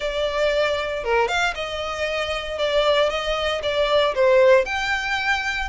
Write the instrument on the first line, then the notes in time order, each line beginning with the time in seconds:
violin
0.00 D5
1.03 A#4
1.28 F5
1.54 D#5
2.58 D5
3.09 D#5
3.62 D5
4.14 C5
4.65 G5